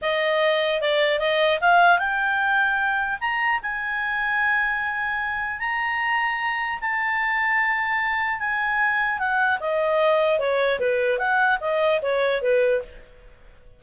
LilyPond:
\new Staff \with { instrumentName = "clarinet" } { \time 4/4 \tempo 4 = 150 dis''2 d''4 dis''4 | f''4 g''2. | ais''4 gis''2.~ | gis''2 ais''2~ |
ais''4 a''2.~ | a''4 gis''2 fis''4 | dis''2 cis''4 b'4 | fis''4 dis''4 cis''4 b'4 | }